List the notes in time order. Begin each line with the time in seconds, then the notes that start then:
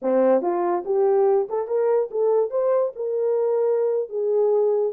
0.02 C4
0.41 F4
0.85 G4
1.49 A4
1.67 A#4
2.10 A4
2.50 C5
2.95 A#4
4.09 G#4